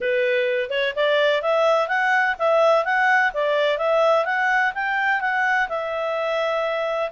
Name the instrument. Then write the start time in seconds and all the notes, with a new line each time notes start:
clarinet
0.01 B4
0.70 C#5
0.95 D5
1.42 E5
1.88 F#5
2.38 E5
2.85 F#5
3.33 D5
3.78 E5
4.25 F#5
4.74 G5
5.21 F#5
5.68 E5